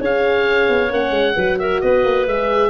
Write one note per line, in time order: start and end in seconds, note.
0.00 0.68 C#4
0.00 0.89 G#4
0.00 1.35 C#5
0.00 0.93 F5
0.68 0.91 B3
0.89 1.10 A#3
0.89 1.35 C#4
0.89 1.59 F#5
1.10 1.33 G#3
1.35 1.82 F#3
1.35 2.29 F#4
1.35 1.58 B4
1.59 1.82 A#4
1.59 1.81 E5
1.81 2.04 B3
1.81 2.70 B4
1.81 2.26 D#5
2.04 2.27 A#3
2.27 2.70 G#3
2.27 2.70 G#4
2.27 2.70 E5